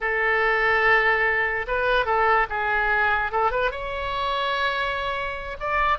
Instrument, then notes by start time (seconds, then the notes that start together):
oboe
0.00 A4
1.67 B4
2.05 A4
2.49 G#4
3.31 A4
3.51 B4
3.71 C#5
5.60 D5